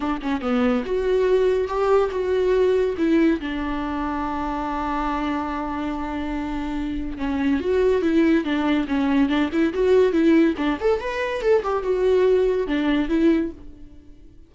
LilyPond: \new Staff \with { instrumentName = "viola" } { \time 4/4 \tempo 4 = 142 d'8 cis'8 b4 fis'2 | g'4 fis'2 e'4 | d'1~ | d'1~ |
d'4 cis'4 fis'4 e'4 | d'4 cis'4 d'8 e'8 fis'4 | e'4 d'8 a'8 b'4 a'8 g'8 | fis'2 d'4 e'4 | }